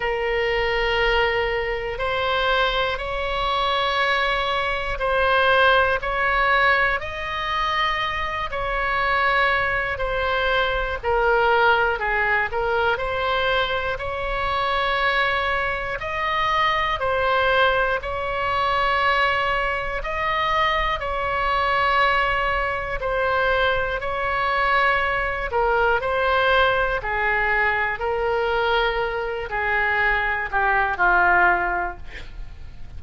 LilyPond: \new Staff \with { instrumentName = "oboe" } { \time 4/4 \tempo 4 = 60 ais'2 c''4 cis''4~ | cis''4 c''4 cis''4 dis''4~ | dis''8 cis''4. c''4 ais'4 | gis'8 ais'8 c''4 cis''2 |
dis''4 c''4 cis''2 | dis''4 cis''2 c''4 | cis''4. ais'8 c''4 gis'4 | ais'4. gis'4 g'8 f'4 | }